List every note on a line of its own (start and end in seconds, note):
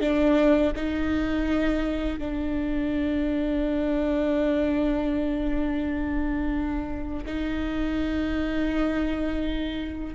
0.00 0.72 D4
0.76 2.19 D#4
2.19 7.25 D4
7.26 10.15 D#4